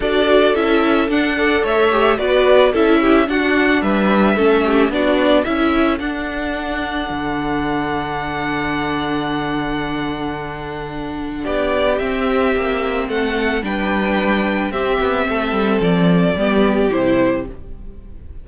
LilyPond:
<<
  \new Staff \with { instrumentName = "violin" } { \time 4/4 \tempo 4 = 110 d''4 e''4 fis''4 e''4 | d''4 e''4 fis''4 e''4~ | e''4 d''4 e''4 fis''4~ | fis''1~ |
fis''1~ | fis''4 d''4 e''2 | fis''4 g''2 e''4~ | e''4 d''2 c''4 | }
  \new Staff \with { instrumentName = "violin" } { \time 4/4 a'2~ a'8 d''8 cis''4 | b'4 a'8 g'8 fis'4 b'4 | a'8 g'8 fis'4 a'2~ | a'1~ |
a'1~ | a'4 g'2. | a'4 b'2 g'4 | a'2 g'2 | }
  \new Staff \with { instrumentName = "viola" } { \time 4/4 fis'4 e'4 d'8 a'4 g'8 | fis'4 e'4 d'2 | cis'4 d'4 e'4 d'4~ | d'1~ |
d'1~ | d'2 c'2~ | c'4 d'2 c'4~ | c'2 b4 e'4 | }
  \new Staff \with { instrumentName = "cello" } { \time 4/4 d'4 cis'4 d'4 a4 | b4 cis'4 d'4 g4 | a4 b4 cis'4 d'4~ | d'4 d2.~ |
d1~ | d4 b4 c'4 ais4 | a4 g2 c'8 b8 | a8 g8 f4 g4 c4 | }
>>